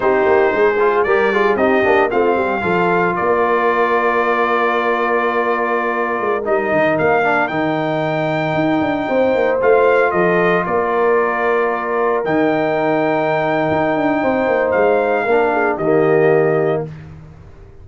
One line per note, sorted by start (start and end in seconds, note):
0.00 0.25 C4
0.00 0.75 D#4
0.00 0.53 G4
0.00 1.03 C5
0.25 0.51 A#3
0.53 1.05 G#3
0.53 1.06 G#4
0.79 1.06 F4
1.03 1.55 G3
1.03 1.33 G4
1.03 1.32 A#4
1.03 1.56 D5
1.32 1.58 F4
1.32 1.57 G#4
1.55 1.82 C4
1.55 1.83 D#4
1.55 2.10 G4
1.55 2.09 D#5
1.83 2.12 A#3
1.83 2.10 D4
2.10 2.36 A3
2.10 2.61 C4
2.10 2.37 F4
2.10 3.15 F5
2.36 2.62 G3
2.36 2.62 G4
2.61 3.15 F3
2.61 6.42 F4
2.61 3.15 A4
3.15 6.20 A#3
3.15 9.07 A#4
3.15 6.44 D5
6.20 6.46 G#3
6.44 6.71 G3
6.44 7.23 D#4
6.44 6.97 D#5
6.71 6.98 D#3
6.98 7.49 A#3
6.98 7.47 F5
7.23 7.49 D4
7.47 8.54 D#3
7.47 9.60 D#4
7.47 9.58 G5
8.54 8.80 D#4
8.80 9.07 D4
9.08 9.34 C4
9.08 10.12 C5
9.34 9.61 A#3
9.61 10.12 A3
9.61 12.24 F4
9.61 10.11 F5
10.11 10.65 F3
10.11 10.64 A4
10.11 10.64 D#5
10.65 12.24 A#3
10.65 14.21 A#4
10.65 12.23 D5
12.24 13.69 D#3
12.24 15.27 D#4
12.24 14.71 G5
13.71 13.96 D#4
13.96 14.22 D4
14.21 14.47 C4
14.21 15.24 C5
14.47 14.73 A#3
14.71 15.26 G#3
14.71 15.76 F5
15.24 15.77 A#3
15.24 15.80 D4
15.24 15.51 A#4
15.52 15.76 G#4
15.76 16.82 D#3
15.76 16.81 G4
15.76 16.82 D#5
15.82 16.88 A#3